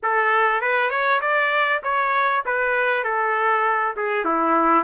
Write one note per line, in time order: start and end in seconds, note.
0.02 0.61 A4
0.61 0.90 B4
0.90 1.20 C#5
1.21 1.82 D5
1.83 2.44 C#5
2.45 3.04 B4
3.04 3.94 A4
3.96 4.24 G#4
4.24 4.83 E4